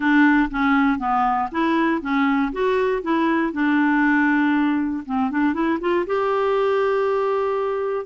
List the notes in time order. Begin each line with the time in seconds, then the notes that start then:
0.00 D4
0.50 C#4
0.99 B3
1.51 E4
2.01 C#4
2.52 F#4
3.02 E4
3.52 D4
5.05 C4
5.30 D4
5.53 E4
5.80 F4
6.06 G4